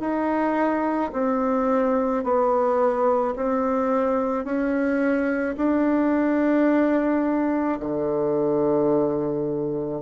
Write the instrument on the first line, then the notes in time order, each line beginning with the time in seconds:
bassoon
0.00 D#4
1.13 C4
2.24 B3
3.36 C4
4.44 C#4
5.57 D4
7.80 D3